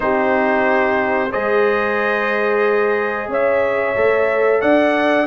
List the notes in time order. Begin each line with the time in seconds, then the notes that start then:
0.00 C4 D#4 G4 C5
1.31 G#3 G#4 C5 D#5
3.28 C#4 C#5 E5
3.95 A3 A4
4.61 D4 D5 F#5